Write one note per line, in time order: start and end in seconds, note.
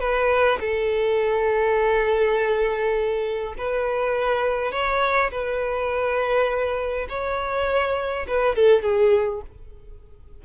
0.00 0.59 B4
0.60 3.54 A4
3.58 4.72 B4
4.72 5.30 C#5
5.31 7.07 B4
7.09 8.27 C#5
8.28 8.56 B4
8.56 8.83 A4
8.83 9.42 G#4